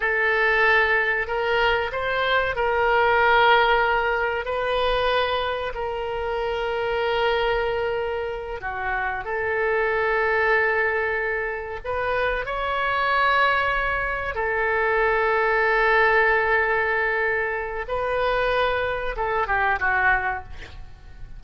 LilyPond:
\new Staff \with { instrumentName = "oboe" } { \time 4/4 \tempo 4 = 94 a'2 ais'4 c''4 | ais'2. b'4~ | b'4 ais'2.~ | ais'4. fis'4 a'4.~ |
a'2~ a'8 b'4 cis''8~ | cis''2~ cis''8 a'4.~ | a'1 | b'2 a'8 g'8 fis'4 | }